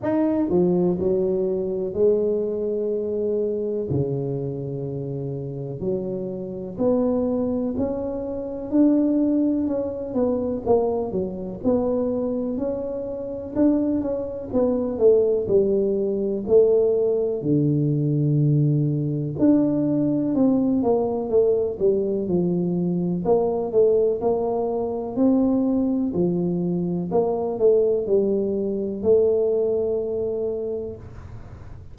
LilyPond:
\new Staff \with { instrumentName = "tuba" } { \time 4/4 \tempo 4 = 62 dis'8 f8 fis4 gis2 | cis2 fis4 b4 | cis'4 d'4 cis'8 b8 ais8 fis8 | b4 cis'4 d'8 cis'8 b8 a8 |
g4 a4 d2 | d'4 c'8 ais8 a8 g8 f4 | ais8 a8 ais4 c'4 f4 | ais8 a8 g4 a2 | }